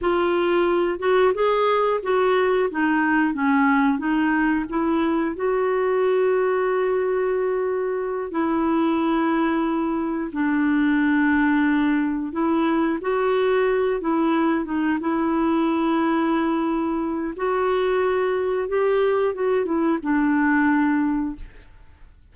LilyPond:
\new Staff \with { instrumentName = "clarinet" } { \time 4/4 \tempo 4 = 90 f'4. fis'8 gis'4 fis'4 | dis'4 cis'4 dis'4 e'4 | fis'1~ | fis'8 e'2. d'8~ |
d'2~ d'8 e'4 fis'8~ | fis'4 e'4 dis'8 e'4.~ | e'2 fis'2 | g'4 fis'8 e'8 d'2 | }